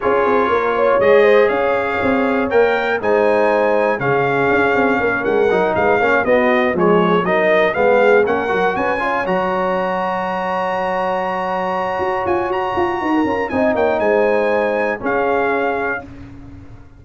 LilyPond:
<<
  \new Staff \with { instrumentName = "trumpet" } { \time 4/4 \tempo 4 = 120 cis''2 dis''4 f''4~ | f''4 g''4 gis''2 | f''2~ f''8 fis''4 f''8~ | f''8 dis''4 cis''4 dis''4 f''8~ |
f''8 fis''4 gis''4 ais''4.~ | ais''1~ | ais''8 gis''8 ais''2 gis''8 g''8 | gis''2 f''2 | }
  \new Staff \with { instrumentName = "horn" } { \time 4/4 gis'4 ais'8 cis''4 c''8 cis''4~ | cis''2 c''2 | gis'2 ais'4. b'8 | cis''8 fis'4 gis'4 ais'4 gis'8~ |
gis'8 ais'4 b'8 cis''2~ | cis''1~ | cis''2 b'16 ais'8. dis''8 cis''8 | c''2 gis'2 | }
  \new Staff \with { instrumentName = "trombone" } { \time 4/4 f'2 gis'2~ | gis'4 ais'4 dis'2 | cis'2. dis'4 | cis'8 b4 gis4 dis'4 b8~ |
b8 cis'8 fis'4 f'8 fis'4.~ | fis'1~ | fis'2~ fis'8 f'8 dis'4~ | dis'2 cis'2 | }
  \new Staff \with { instrumentName = "tuba" } { \time 4/4 cis'8 c'8 ais4 gis4 cis'4 | c'4 ais4 gis2 | cis4 cis'8 c'8 ais8 gis8 fis8 gis8 | ais8 b4 f4 fis4 gis8~ |
gis8 ais8 fis8 cis'4 fis4.~ | fis1 | fis'8 f'8 fis'8 f'8 dis'8 cis'8 c'8 ais8 | gis2 cis'2 | }
>>